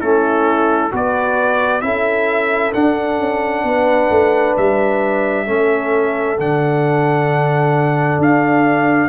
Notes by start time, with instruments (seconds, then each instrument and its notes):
0.00 tuba A3, trombone C#4, horn E4, trumpet A4
0.91 tuba B3, trombone F#4, horn B4, trumpet D5
1.81 tuba C#4, trombone E4, horn A4, trumpet E5
2.73 tuba D4, trombone D4, trumpet F#5
3.18 tuba C#4
3.63 tuba B3, horn B4
4.09 tuba A3
4.57 tuba G3, trumpet E5
5.45 tuba A3, trombone C#4, horn A4
6.37 tuba D3, trombone D4, trumpet F#5
8.18 tuba D4, trumpet F5